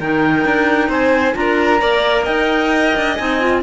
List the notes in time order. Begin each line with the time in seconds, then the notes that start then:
0.00 D#3 D#4 A#4 G5
0.45 D4
0.89 C4 C5 G#5
1.34 D4 F4 A#5
1.41 A#4
1.80 A#3 A#4 D5
2.24 D#4 D#5 G5
2.96 D4
3.16 C4 D#4 G#5
3.40 F4